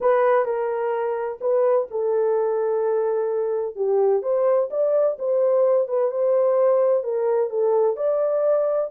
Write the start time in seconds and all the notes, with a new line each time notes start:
0.00 B4
0.45 A#4
1.40 B4
1.90 A4
3.75 G4
4.22 C5
4.70 D5
5.18 C5
5.88 B4
6.11 C5
7.03 A#4
7.49 A4
7.96 D5